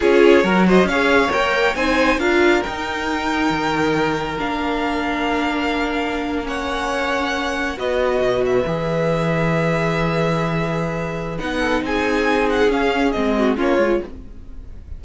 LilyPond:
<<
  \new Staff \with { instrumentName = "violin" } { \time 4/4 \tempo 4 = 137 cis''4. dis''8 f''4 g''4 | gis''4 f''4 g''2~ | g''2 f''2~ | f''2~ f''8. fis''4~ fis''16~ |
fis''4.~ fis''16 dis''4. e''8.~ | e''1~ | e''2 fis''4 gis''4~ | gis''8 fis''8 f''4 dis''4 cis''4 | }
  \new Staff \with { instrumentName = "violin" } { \time 4/4 gis'4 ais'8 c''8 cis''2 | c''4 ais'2.~ | ais'1~ | ais'2~ ais'8. cis''4~ cis''16~ |
cis''4.~ cis''16 b'2~ b'16~ | b'1~ | b'2~ b'8 a'8 gis'4~ | gis'2~ gis'8 fis'8 f'4 | }
  \new Staff \with { instrumentName = "viola" } { \time 4/4 f'4 fis'4 gis'4 ais'4 | dis'4 f'4 dis'2~ | dis'2 d'2~ | d'2~ d'8. cis'4~ cis'16~ |
cis'4.~ cis'16 fis'2 gis'16~ | gis'1~ | gis'2 dis'2~ | dis'4 cis'4 c'4 cis'8 f'8 | }
  \new Staff \with { instrumentName = "cello" } { \time 4/4 cis'4 fis4 cis'4 ais4 | c'4 d'4 dis'2 | dis2 ais2~ | ais1~ |
ais4.~ ais16 b4 b,4 e16~ | e1~ | e2 b4 c'4~ | c'4 cis'4 gis4 ais8 gis8 | }
>>